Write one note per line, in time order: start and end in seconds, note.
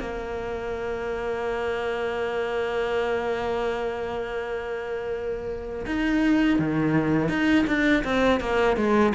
0.00 5.85 A#3
5.86 6.59 D#4
6.59 7.28 D#3
7.28 7.65 D#4
7.67 8.04 D4
8.04 8.40 C4
8.40 8.76 A#3
8.76 9.13 G#3